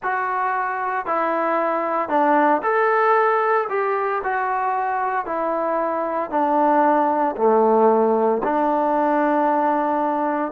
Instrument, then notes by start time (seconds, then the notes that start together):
trombone
0.02 F#4
1.05 E4
2.09 D4
2.62 A4
3.69 G4
4.23 F#4
5.25 E4
6.30 D4
7.36 A3
8.43 D4